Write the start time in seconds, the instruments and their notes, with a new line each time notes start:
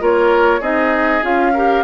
0.00 bassoon A#3, clarinet F4, oboe A#4, flute C#5
0.61 bassoon C4, clarinet D#4, oboe G#4, flute D#5
1.22 bassoon C#4, clarinet F4, flute F5
1.53 clarinet G4, oboe A#4